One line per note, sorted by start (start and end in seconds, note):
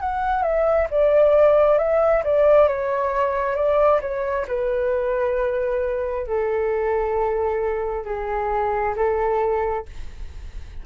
0.00 0.42 F#5
0.42 0.87 E5
0.90 1.78 D5
1.78 2.23 E5
2.23 2.67 D5
2.67 3.55 C#5
3.55 4.00 D5
4.01 4.46 C#5
4.47 6.26 B4
6.26 8.05 A4
8.05 8.94 G#4
8.96 9.85 A4